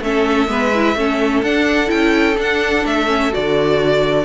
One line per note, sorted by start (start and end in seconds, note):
0.00 0.47 A3
0.00 0.47 C#4
0.00 0.50 A4
0.00 1.44 E5
0.47 0.95 G#3
0.47 0.71 B3
0.47 0.97 B4
0.75 0.96 E4
0.95 1.42 A3
0.95 1.43 C#4
0.95 4.25 A4
1.43 1.90 D4
1.43 1.87 D4
1.43 1.90 F#5
1.87 2.37 C#4
1.87 2.34 E4
1.87 2.37 G5
2.37 3.07 D4
2.37 2.85 D4
2.37 2.86 F#5
2.86 3.33 A3
2.86 3.33 E5
3.07 3.30 C#4
3.30 4.25 D3
3.30 4.25 F#4
3.30 4.25 D5